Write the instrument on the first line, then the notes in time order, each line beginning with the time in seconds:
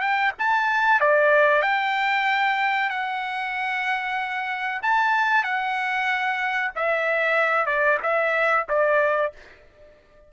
trumpet
0.00 G5
0.39 A5
1.00 D5
1.62 G5
2.90 F#5
4.82 A5
5.43 F#5
6.75 E5
7.66 D5
8.03 E5
8.68 D5